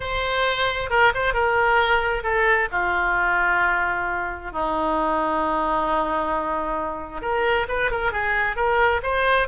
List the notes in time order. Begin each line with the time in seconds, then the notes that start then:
0.00 C5
0.90 A#4
1.14 C5
1.33 A#4
2.23 A4
2.71 F4
4.52 D#4
7.21 A#4
7.68 B4
7.90 A#4
8.12 G#4
8.55 A#4
9.02 C5